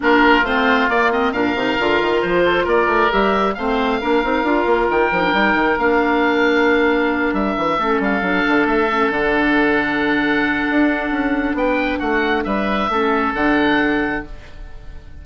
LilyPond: <<
  \new Staff \with { instrumentName = "oboe" } { \time 4/4 \tempo 4 = 135 ais'4 c''4 d''8 dis''8 f''4~ | f''4 c''4 d''4 e''4 | f''2. g''4~ | g''4 f''2.~ |
f''8 e''4. f''4. e''8~ | e''8 fis''2.~ fis''8~ | fis''2 g''4 fis''4 | e''2 fis''2 | }
  \new Staff \with { instrumentName = "oboe" } { \time 4/4 f'2. ais'4~ | ais'4. a'8 ais'2 | c''4 ais'2.~ | ais'1~ |
ais'4. a'2~ a'8~ | a'1~ | a'2 b'4 fis'4 | b'4 a'2. | }
  \new Staff \with { instrumentName = "clarinet" } { \time 4/4 d'4 c'4 ais8 c'8 d'8 dis'8 | f'2. g'4 | c'4 d'8 dis'8 f'4. dis'16 d'16 | dis'4 d'2.~ |
d'4. cis'4 d'4. | cis'8 d'2.~ d'8~ | d'1~ | d'4 cis'4 d'2 | }
  \new Staff \with { instrumentName = "bassoon" } { \time 4/4 ais4 a4 ais4 ais,8 c8 | d8 dis8 f4 ais8 a8 g4 | a4 ais8 c'8 d'8 ais8 dis8 f8 | g8 dis8 ais2.~ |
ais8 g8 e8 a8 g8 fis8 d8 a8~ | a8 d2.~ d8 | d'4 cis'4 b4 a4 | g4 a4 d2 | }
>>